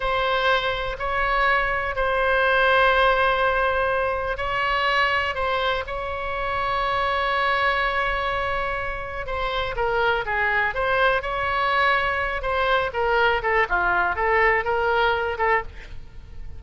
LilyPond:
\new Staff \with { instrumentName = "oboe" } { \time 4/4 \tempo 4 = 123 c''2 cis''2 | c''1~ | c''4 cis''2 c''4 | cis''1~ |
cis''2. c''4 | ais'4 gis'4 c''4 cis''4~ | cis''4. c''4 ais'4 a'8 | f'4 a'4 ais'4. a'8 | }